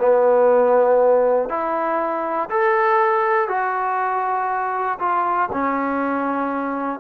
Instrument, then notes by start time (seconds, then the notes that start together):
trombone
0.00 B3
1.50 E4
2.50 A4
3.49 F#4
5.00 F4
5.53 C#4